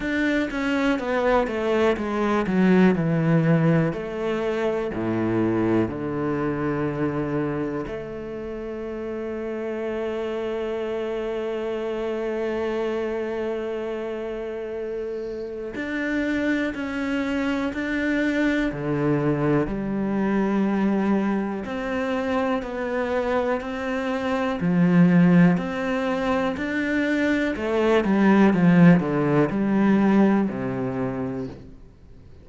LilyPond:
\new Staff \with { instrumentName = "cello" } { \time 4/4 \tempo 4 = 61 d'8 cis'8 b8 a8 gis8 fis8 e4 | a4 a,4 d2 | a1~ | a1 |
d'4 cis'4 d'4 d4 | g2 c'4 b4 | c'4 f4 c'4 d'4 | a8 g8 f8 d8 g4 c4 | }